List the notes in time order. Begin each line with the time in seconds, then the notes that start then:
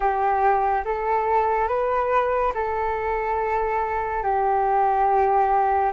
0.00 G4
0.85 A4
1.68 B4
2.54 A4
4.23 G4